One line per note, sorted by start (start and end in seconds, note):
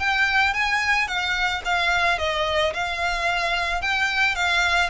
0.00 0.54 G5
0.54 1.08 G#5
1.08 1.62 F#5
1.65 2.19 F5
2.19 2.73 D#5
2.74 3.82 F5
3.82 4.35 G5
4.35 4.90 F5